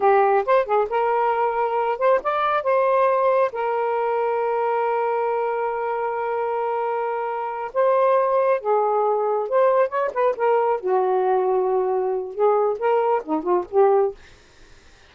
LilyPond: \new Staff \with { instrumentName = "saxophone" } { \time 4/4 \tempo 4 = 136 g'4 c''8 gis'8 ais'2~ | ais'8 c''8 d''4 c''2 | ais'1~ | ais'1~ |
ais'4. c''2 gis'8~ | gis'4. c''4 cis''8 b'8 ais'8~ | ais'8 fis'2.~ fis'8 | gis'4 ais'4 dis'8 f'8 g'4 | }